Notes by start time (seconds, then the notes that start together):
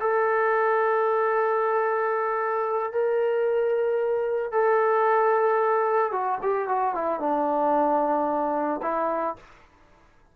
0.00 A4
2.92 A#4
4.51 A4
6.12 F#4
6.42 G4
6.68 F#4
6.94 E4
7.20 D4
8.82 E4